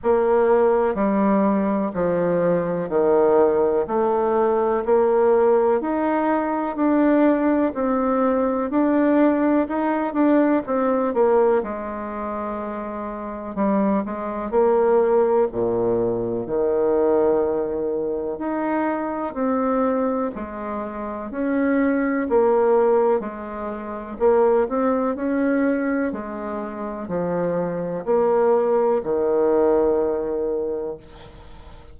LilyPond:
\new Staff \with { instrumentName = "bassoon" } { \time 4/4 \tempo 4 = 62 ais4 g4 f4 dis4 | a4 ais4 dis'4 d'4 | c'4 d'4 dis'8 d'8 c'8 ais8 | gis2 g8 gis8 ais4 |
ais,4 dis2 dis'4 | c'4 gis4 cis'4 ais4 | gis4 ais8 c'8 cis'4 gis4 | f4 ais4 dis2 | }